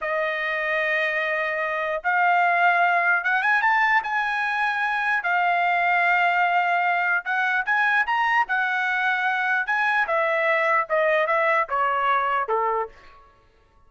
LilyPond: \new Staff \with { instrumentName = "trumpet" } { \time 4/4 \tempo 4 = 149 dis''1~ | dis''4 f''2. | fis''8 gis''8 a''4 gis''2~ | gis''4 f''2.~ |
f''2 fis''4 gis''4 | ais''4 fis''2. | gis''4 e''2 dis''4 | e''4 cis''2 a'4 | }